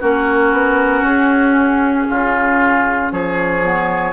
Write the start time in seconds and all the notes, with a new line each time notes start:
0.00 A#3 C#4 F#4 A#4
0.52 B3
1.02 C#4 G#4
2.10 C#3 F4
3.12 F3 G#4 C#5
3.62 B3